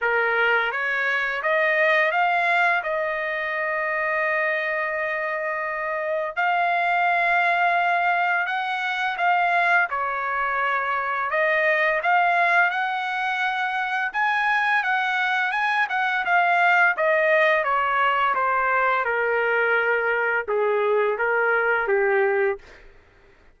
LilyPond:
\new Staff \with { instrumentName = "trumpet" } { \time 4/4 \tempo 4 = 85 ais'4 cis''4 dis''4 f''4 | dis''1~ | dis''4 f''2. | fis''4 f''4 cis''2 |
dis''4 f''4 fis''2 | gis''4 fis''4 gis''8 fis''8 f''4 | dis''4 cis''4 c''4 ais'4~ | ais'4 gis'4 ais'4 g'4 | }